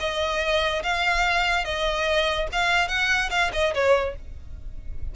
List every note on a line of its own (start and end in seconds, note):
0.00 0.83 D#5
0.83 1.65 F5
1.65 2.48 D#5
2.52 2.89 F5
2.89 3.30 F#5
3.30 3.51 F5
3.53 3.74 D#5
3.74 4.16 C#5